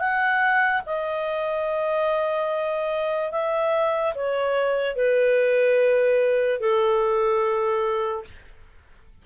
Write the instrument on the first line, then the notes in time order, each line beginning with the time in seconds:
clarinet
0.00 F#5
0.86 D#5
3.32 E5
4.15 C#5
4.96 B4
6.60 A4